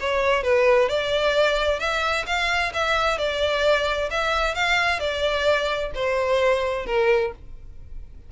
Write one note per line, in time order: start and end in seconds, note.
0.00 0.43 C#5
0.43 0.89 B4
0.89 1.79 D5
1.79 2.25 E5
2.26 2.72 F5
2.73 3.18 E5
3.18 4.09 D5
4.10 4.55 E5
4.55 4.99 F5
4.99 5.91 D5
5.95 6.86 C5
6.86 7.32 A#4